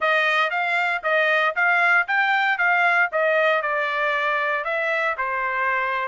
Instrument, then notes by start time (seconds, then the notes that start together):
trumpet
0.00 D#5
0.50 F5
1.03 D#5
1.55 F5
2.07 G5
2.58 F5
3.12 D#5
3.62 D5
4.64 E5
5.17 C5